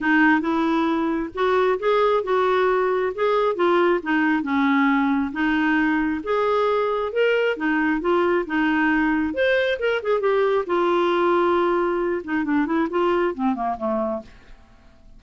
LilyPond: \new Staff \with { instrumentName = "clarinet" } { \time 4/4 \tempo 4 = 135 dis'4 e'2 fis'4 | gis'4 fis'2 gis'4 | f'4 dis'4 cis'2 | dis'2 gis'2 |
ais'4 dis'4 f'4 dis'4~ | dis'4 c''4 ais'8 gis'8 g'4 | f'2.~ f'8 dis'8 | d'8 e'8 f'4 c'8 ais8 a4 | }